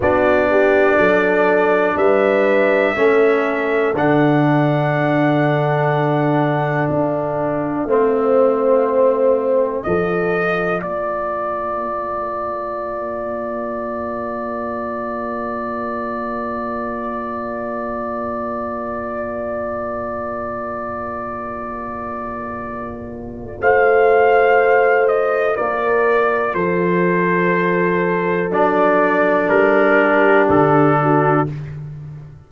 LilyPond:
<<
  \new Staff \with { instrumentName = "trumpet" } { \time 4/4 \tempo 4 = 61 d''2 e''2 | fis''2. f''4~ | f''2 dis''4 d''4~ | d''1~ |
d''1~ | d''1 | f''4. dis''8 d''4 c''4~ | c''4 d''4 ais'4 a'4 | }
  \new Staff \with { instrumentName = "horn" } { \time 4/4 fis'8 g'8 a'4 b'4 a'4~ | a'1 | c''2 a'4 ais'4~ | ais'1~ |
ais'1~ | ais'1 | c''2 ais'4 a'4~ | a'2~ a'8 g'4 fis'8 | }
  \new Staff \with { instrumentName = "trombone" } { \time 4/4 d'2. cis'4 | d'1 | c'2 f'2~ | f'1~ |
f'1~ | f'1~ | f'1~ | f'4 d'2. | }
  \new Staff \with { instrumentName = "tuba" } { \time 4/4 b4 fis4 g4 a4 | d2. d'4 | a2 f4 ais4~ | ais1~ |
ais1~ | ais1 | a2 ais4 f4~ | f4 fis4 g4 d4 | }
>>